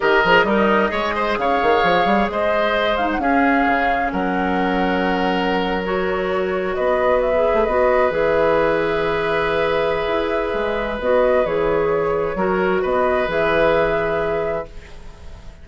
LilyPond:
<<
  \new Staff \with { instrumentName = "flute" } { \time 4/4 \tempo 4 = 131 dis''2. f''4~ | f''4 dis''4. f''16 fis''16 f''4~ | f''4 fis''2.~ | fis''8. cis''2 dis''4 e''16~ |
e''8. dis''4 e''2~ e''16~ | e''1 | dis''4 cis''2. | dis''4 e''2. | }
  \new Staff \with { instrumentName = "oboe" } { \time 4/4 ais'4 dis'4 cis''8 c''8 cis''4~ | cis''4 c''2 gis'4~ | gis'4 ais'2.~ | ais'2~ ais'8. b'4~ b'16~ |
b'1~ | b'1~ | b'2. ais'4 | b'1 | }
  \new Staff \with { instrumentName = "clarinet" } { \time 4/4 g'8 gis'8 ais'4 gis'2~ | gis'2~ gis'8 dis'8 cis'4~ | cis'1~ | cis'8. fis'2.~ fis'16 |
gis'8. fis'4 gis'2~ gis'16~ | gis'1 | fis'4 gis'2 fis'4~ | fis'4 gis'2. | }
  \new Staff \with { instrumentName = "bassoon" } { \time 4/4 dis8 f8 g4 gis4 cis8 dis8 | f8 g8 gis2 cis'4 | cis4 fis2.~ | fis2~ fis8. b4~ b16~ |
b8 a16 b4 e2~ e16~ | e2 e'4 gis4 | b4 e2 fis4 | b4 e2. | }
>>